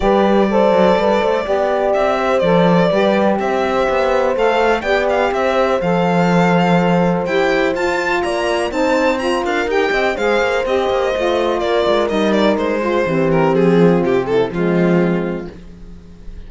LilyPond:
<<
  \new Staff \with { instrumentName = "violin" } { \time 4/4 \tempo 4 = 124 d''1 | e''4 d''2 e''4~ | e''4 f''4 g''8 f''8 e''4 | f''2. g''4 |
a''4 ais''4 a''4 ais''8 f''8 | g''4 f''4 dis''2 | d''4 dis''8 d''8 c''4. ais'8 | gis'4 g'8 a'8 f'2 | }
  \new Staff \with { instrumentName = "horn" } { \time 4/4 b'4 c''4 b'8 c''8 d''4~ | d''8 c''4. b'4 c''4~ | c''2 d''4 c''4~ | c''1~ |
c''4 d''4 c''4. ais'8~ | ais'8 dis''8 c''2. | ais'2~ ais'8 gis'8 g'4~ | g'8 f'4 e'8 c'2 | }
  \new Staff \with { instrumentName = "saxophone" } { \time 4/4 g'4 a'2 g'4~ | g'4 a'4 g'2~ | g'4 a'4 g'2 | a'2. g'4 |
f'2 dis'4 f'4 | g'4 gis'4 g'4 f'4~ | f'4 dis'4. f'8 c'4~ | c'2 gis2 | }
  \new Staff \with { instrumentName = "cello" } { \time 4/4 g4. fis8 g8 a8 b4 | c'4 f4 g4 c'4 | b4 a4 b4 c'4 | f2. e'4 |
f'4 ais4 c'4. d'8 | dis'8 c'8 gis8 ais8 c'8 ais8 a4 | ais8 gis8 g4 gis4 e4 | f4 c4 f2 | }
>>